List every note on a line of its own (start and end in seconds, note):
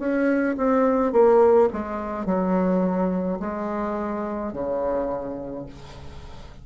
0.00 0.57 C#4
0.58 1.13 C4
1.13 1.69 A#3
1.73 2.26 G#3
2.26 3.40 F#3
3.40 4.53 G#3
4.53 5.67 C#3